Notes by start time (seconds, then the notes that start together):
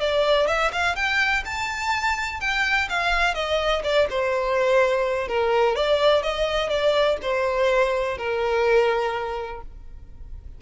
0.00 D5
0.47 E5
0.72 F5
0.96 G5
1.46 A5
2.40 G5
2.89 F5
3.34 D#5
3.84 D5
4.10 C5
5.28 A#4
5.76 D5
6.23 D#5
6.69 D5
7.22 C5
8.18 A#4